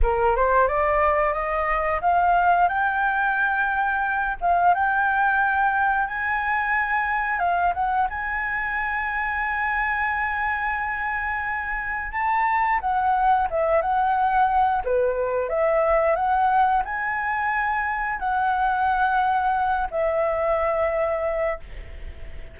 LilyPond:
\new Staff \with { instrumentName = "flute" } { \time 4/4 \tempo 4 = 89 ais'8 c''8 d''4 dis''4 f''4 | g''2~ g''8 f''8 g''4~ | g''4 gis''2 f''8 fis''8 | gis''1~ |
gis''2 a''4 fis''4 | e''8 fis''4. b'4 e''4 | fis''4 gis''2 fis''4~ | fis''4. e''2~ e''8 | }